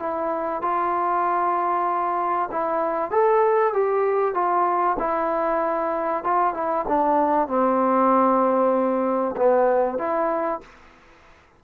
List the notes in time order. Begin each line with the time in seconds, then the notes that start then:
0.00 E4
0.62 F4
2.52 E4
3.12 A4
3.74 G4
4.35 F4
4.99 E4
6.24 F4
6.55 E4
6.89 D4
7.48 C4
9.37 B3
9.99 E4